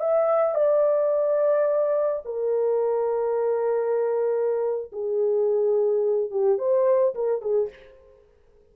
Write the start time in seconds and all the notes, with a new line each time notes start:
0.00 E5
0.55 D5
2.25 A#4
4.92 G#4
6.31 G4
6.58 C5
7.15 A#4
7.41 G#4